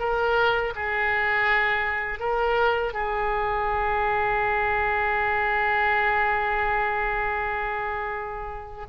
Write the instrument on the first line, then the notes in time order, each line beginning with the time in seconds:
oboe
0.00 A#4
0.76 G#4
2.20 A#4
2.94 G#4